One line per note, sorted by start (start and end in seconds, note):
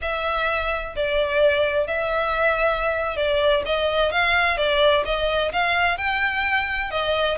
0.01 0.95 E5
0.95 1.87 D5
1.87 3.16 E5
3.16 3.63 D5
3.65 4.11 D#5
4.11 4.57 F5
4.57 5.04 D5
5.05 5.52 D#5
5.52 5.97 F5
5.97 6.90 G5
6.90 7.37 D#5